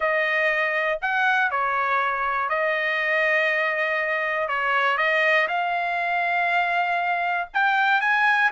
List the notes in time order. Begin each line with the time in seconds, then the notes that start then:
0.00 D#5
1.01 F#5
1.50 C#5
2.49 D#5
4.48 C#5
4.97 D#5
5.48 F5
7.53 G5
8.00 G#5